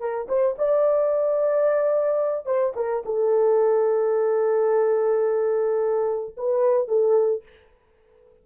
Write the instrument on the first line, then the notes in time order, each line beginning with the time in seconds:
horn
0.00 A#4
0.29 C5
0.58 D5
2.46 C5
2.76 A#4
3.06 A4
6.37 B4
6.88 A4